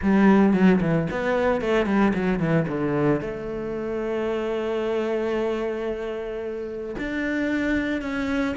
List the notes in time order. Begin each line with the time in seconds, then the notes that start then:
0.02 G3
0.53 F#3
0.81 E3
1.11 B3
1.61 A3
1.86 G3
2.14 F#3
2.39 E3
2.68 D3
3.20 A3
6.98 D4
8.01 C#4